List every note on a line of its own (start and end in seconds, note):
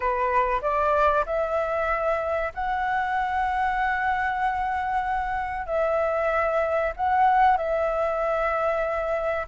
0.00 0.61 B4
0.61 1.25 D5
1.26 2.52 E5
2.54 5.66 F#5
5.66 6.92 E5
6.96 7.57 F#5
7.57 9.46 E5